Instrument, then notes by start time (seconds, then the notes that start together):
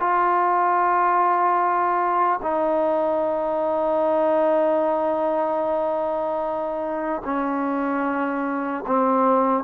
trombone
0.00 F4
2.42 D#4
7.25 C#4
8.87 C4